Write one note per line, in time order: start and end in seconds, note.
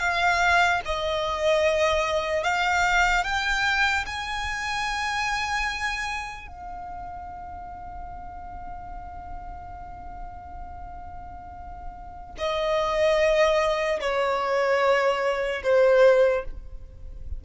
0.00 0.81 F5
0.86 2.44 D#5
2.44 3.24 F5
3.24 4.05 G5
4.06 6.48 G#5
6.48 12.36 F5
12.38 14.00 D#5
14.00 15.63 C#5
15.64 16.45 C5